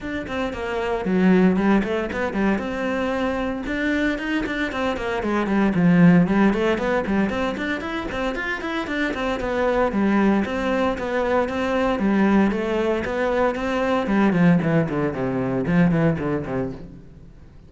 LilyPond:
\new Staff \with { instrumentName = "cello" } { \time 4/4 \tempo 4 = 115 d'8 c'8 ais4 fis4 g8 a8 | b8 g8 c'2 d'4 | dis'8 d'8 c'8 ais8 gis8 g8 f4 | g8 a8 b8 g8 c'8 d'8 e'8 c'8 |
f'8 e'8 d'8 c'8 b4 g4 | c'4 b4 c'4 g4 | a4 b4 c'4 g8 f8 | e8 d8 c4 f8 e8 d8 c8 | }